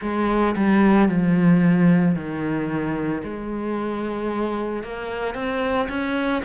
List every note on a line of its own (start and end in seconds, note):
0.01 0.55 G#3
0.56 1.08 G3
1.08 2.15 F3
2.15 3.22 D#3
3.23 4.83 G#3
4.83 5.34 A#3
5.34 5.87 C4
5.88 6.42 C#4